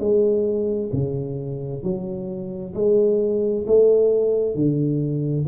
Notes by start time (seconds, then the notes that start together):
0.00 G#3
0.93 C#3
1.83 F#3
2.74 G#3
3.67 A3
4.55 D3